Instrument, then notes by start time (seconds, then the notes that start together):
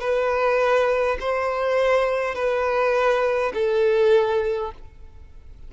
violin
0.00 B4
1.20 C5
2.35 B4
3.54 A4